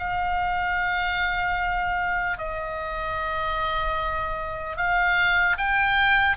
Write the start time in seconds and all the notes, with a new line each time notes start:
0.00 F5
2.39 D#5
4.77 F5
5.58 G5